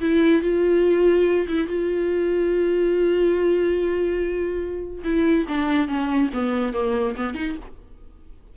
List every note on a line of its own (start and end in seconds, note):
0.00 0.42 E4
0.42 1.47 F4
1.48 1.67 E4
1.67 5.03 F4
5.04 5.46 E4
5.48 5.88 D4
5.88 6.30 C#4
6.33 6.73 B3
6.73 7.15 A#3
7.16 7.34 B3
7.34 7.55 D#4